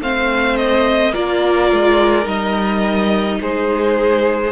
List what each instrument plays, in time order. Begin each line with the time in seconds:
0.00 cello A3, viola C4, violin C5 F5
0.57 violin D#5
1.12 cello A#3, viola F4, violin A#4 D5
1.72 cello G#3
2.23 cello G3, viola D#4, violin D#5
3.41 cello G#3, violin G#4 C5